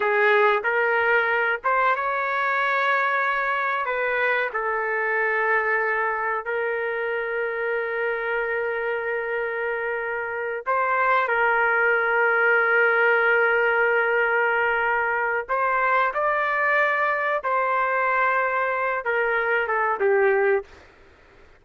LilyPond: \new Staff \with { instrumentName = "trumpet" } { \time 4/4 \tempo 4 = 93 gis'4 ais'4. c''8 cis''4~ | cis''2 b'4 a'4~ | a'2 ais'2~ | ais'1~ |
ais'8 c''4 ais'2~ ais'8~ | ais'1 | c''4 d''2 c''4~ | c''4. ais'4 a'8 g'4 | }